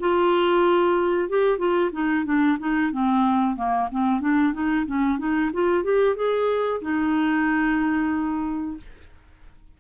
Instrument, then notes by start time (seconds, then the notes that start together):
clarinet
0.00 F4
1.30 G4
1.58 F4
1.92 D#4
2.25 D4
2.59 D#4
2.92 C4
3.57 A#3
3.92 C4
4.21 D4
4.54 D#4
4.86 C#4
5.19 D#4
5.53 F4
5.84 G4
6.16 G#4
6.82 D#4